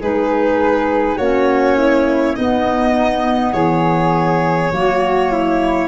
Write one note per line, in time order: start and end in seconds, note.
0.00 1.18 G#3
0.00 1.20 D#4
0.00 1.16 G#4
0.00 1.17 B4
1.16 2.36 A#3
1.16 2.38 C#4
1.16 1.75 F#4
1.16 2.35 C#5
1.77 2.36 E4
2.35 3.53 B3
2.35 4.72 B3
2.35 3.54 D#4
2.35 3.53 D#5
3.53 4.71 E3
3.53 4.71 G#4
3.53 5.88 C#5
4.71 5.88 F#3
4.71 5.88 A#3
4.71 5.32 F#4
5.32 5.88 E4